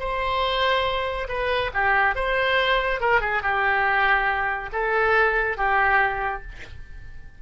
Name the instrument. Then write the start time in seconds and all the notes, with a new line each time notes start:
oboe
0.00 C5
1.29 B4
1.74 G4
2.16 C5
3.01 A#4
3.21 G#4
3.43 G4
4.73 A4
5.57 G4